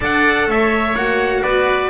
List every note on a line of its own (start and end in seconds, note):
0.00 0.47 D4
0.00 0.94 A4
0.00 0.48 D5
0.00 0.51 F#5
0.47 0.94 A3
0.47 1.41 C#5
0.47 0.95 E5
0.94 1.42 A#3
0.94 1.89 F#4
0.94 1.43 F#5
1.41 1.89 B3
1.41 1.89 B4
1.41 1.89 D5